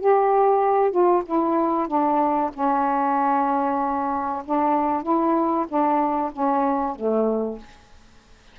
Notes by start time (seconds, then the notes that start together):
0.00 G4
0.91 F4
1.25 E4
1.87 D4
2.54 C#4
4.45 D4
5.03 E4
5.68 D4
6.32 C#4
6.95 A3